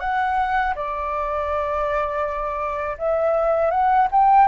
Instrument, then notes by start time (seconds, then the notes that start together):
flute
0.00 F#5
0.75 D5
2.98 E5
3.70 F#5
4.11 G5